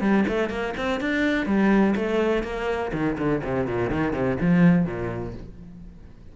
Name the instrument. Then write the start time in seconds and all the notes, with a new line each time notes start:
cello
0.00 G3
0.28 A3
0.49 A#3
0.77 C4
1.00 D4
1.46 G3
1.95 A3
2.43 A#3
2.93 D#3
3.18 D3
3.43 C3
3.66 A#2
3.90 D#3
4.12 C3
4.40 F3
4.85 A#2